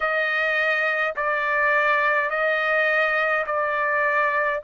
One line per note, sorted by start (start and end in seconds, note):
0.00 1.14 D#5
1.15 2.30 D5
2.30 3.45 D#5
3.46 4.62 D5